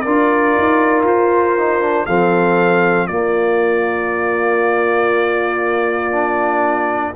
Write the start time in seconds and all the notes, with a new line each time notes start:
0.00 D4 F4 A#4 D5
0.58 D#4
1.03 F4 C5
1.58 D#4
1.81 D4
2.06 F3 C4 A4 F5
3.07 A#3 F4 D5
6.12 D4